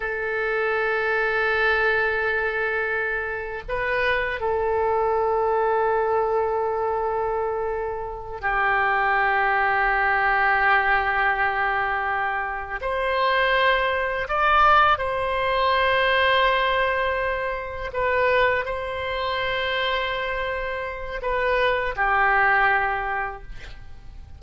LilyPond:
\new Staff \with { instrumentName = "oboe" } { \time 4/4 \tempo 4 = 82 a'1~ | a'4 b'4 a'2~ | a'2.~ a'8 g'8~ | g'1~ |
g'4. c''2 d''8~ | d''8 c''2.~ c''8~ | c''8 b'4 c''2~ c''8~ | c''4 b'4 g'2 | }